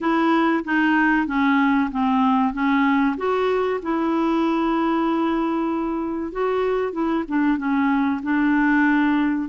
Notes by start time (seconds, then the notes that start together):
0.00 E4
0.64 D#4
1.26 C#4
1.91 C4
2.53 C#4
3.17 F#4
3.82 E4
6.32 F#4
6.92 E4
7.28 D4
7.57 C#4
8.22 D4